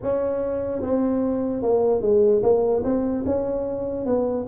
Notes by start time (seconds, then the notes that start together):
0.02 C#4
0.81 C4
1.62 A#3
2.01 G#3
2.43 A#3
2.83 C4
3.25 C#4
4.05 B3